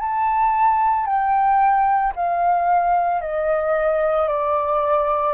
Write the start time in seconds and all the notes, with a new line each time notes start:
0.00 A5
1.06 G5
2.16 F5
3.21 D#5
4.28 D5